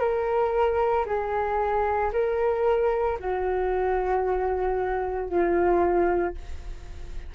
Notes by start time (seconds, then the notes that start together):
0.00 A#4
1.06 G#4
2.13 A#4
3.20 F#4
5.29 F4